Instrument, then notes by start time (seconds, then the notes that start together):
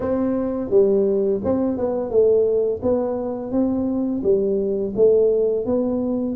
tuba
0.00 C4
0.70 G3
1.43 C4
1.77 B3
2.10 A3
2.82 B3
3.51 C4
4.23 G3
4.96 A3
5.65 B3